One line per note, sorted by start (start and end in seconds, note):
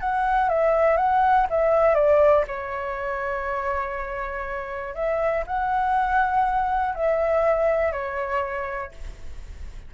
0.00 0.49 F#5
0.49 0.97 E5
0.97 1.46 F#5
1.49 1.94 E5
1.94 2.44 D5
2.47 4.94 C#5
4.94 5.44 E5
5.46 6.95 F#5
6.95 7.92 E5
7.92 8.91 C#5